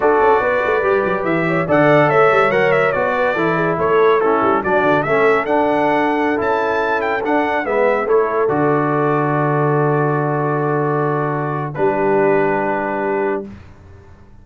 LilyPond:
<<
  \new Staff \with { instrumentName = "trumpet" } { \time 4/4 \tempo 4 = 143 d''2. e''4 | fis''4 e''4 fis''8 e''8 d''4~ | d''4 cis''4 a'4 d''4 | e''4 fis''2~ fis''16 a''8.~ |
a''8. g''8 fis''4 e''4 cis''8.~ | cis''16 d''2.~ d''8.~ | d''1 | b'1 | }
  \new Staff \with { instrumentName = "horn" } { \time 4/4 a'4 b'2~ b'8 cis''8 | d''4 cis''2~ cis''8 b'8 | a'8 gis'8 a'4 e'4 fis'4 | a'1~ |
a'2~ a'16 b'4 a'8.~ | a'1~ | a'1 | g'1 | }
  \new Staff \with { instrumentName = "trombone" } { \time 4/4 fis'2 g'2 | a'2 ais'4 fis'4 | e'2 cis'4 d'4 | cis'4 d'2~ d'16 e'8.~ |
e'4~ e'16 d'4 b4 e'8.~ | e'16 fis'2.~ fis'8.~ | fis'1 | d'1 | }
  \new Staff \with { instrumentName = "tuba" } { \time 4/4 d'8 cis'8 b8 a8 g8 fis8 e4 | d4 a8 g8 fis4 b4 | e4 a4. g8 fis8 d8 | a4 d'2~ d'16 cis'8.~ |
cis'4~ cis'16 d'4 gis4 a8.~ | a16 d2.~ d8.~ | d1 | g1 | }
>>